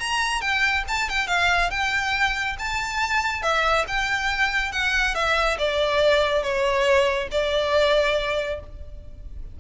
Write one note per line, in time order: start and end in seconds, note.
0.00 0.41 A#5
0.41 0.84 G5
0.88 1.09 A5
1.09 1.27 G5
1.27 1.70 F5
1.71 2.56 G5
2.59 3.42 A5
3.42 3.85 E5
3.88 4.72 G5
4.72 5.15 F#5
5.15 5.58 E5
5.59 6.43 D5
6.43 7.28 C#5
7.31 8.60 D5